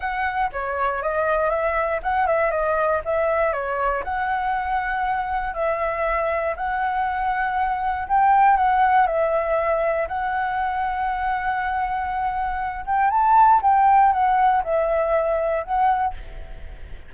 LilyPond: \new Staff \with { instrumentName = "flute" } { \time 4/4 \tempo 4 = 119 fis''4 cis''4 dis''4 e''4 | fis''8 e''8 dis''4 e''4 cis''4 | fis''2. e''4~ | e''4 fis''2. |
g''4 fis''4 e''2 | fis''1~ | fis''4. g''8 a''4 g''4 | fis''4 e''2 fis''4 | }